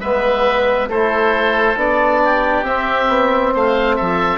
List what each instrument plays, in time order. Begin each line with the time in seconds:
0.00 bassoon G#3, trombone B3, oboe B4 E5
0.88 bassoon A3, trombone E4, oboe A4 C5
1.76 bassoon B3, trombone D4, oboe D5
2.25 oboe G4
2.63 bassoon C4, trombone C4, oboe E5
3.08 bassoon B3
3.54 bassoon A3, oboe C5 F5
3.96 bassoon F3, oboe A4 E5